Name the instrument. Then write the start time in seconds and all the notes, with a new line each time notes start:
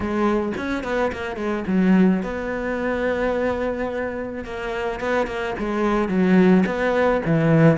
cello
0.00 G#3
0.57 C#4
0.83 B3
1.12 A#3
1.36 G#3
1.67 F#3
2.22 B3
4.44 A#3
4.99 B3
5.26 A#3
5.58 G#3
6.08 F#3
6.66 B3
7.25 E3